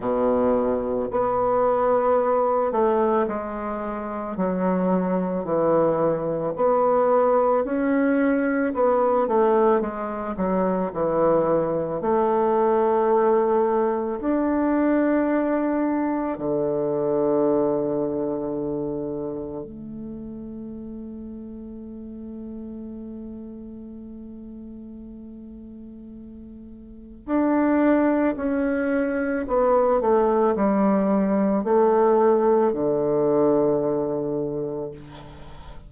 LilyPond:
\new Staff \with { instrumentName = "bassoon" } { \time 4/4 \tempo 4 = 55 b,4 b4. a8 gis4 | fis4 e4 b4 cis'4 | b8 a8 gis8 fis8 e4 a4~ | a4 d'2 d4~ |
d2 a2~ | a1~ | a4 d'4 cis'4 b8 a8 | g4 a4 d2 | }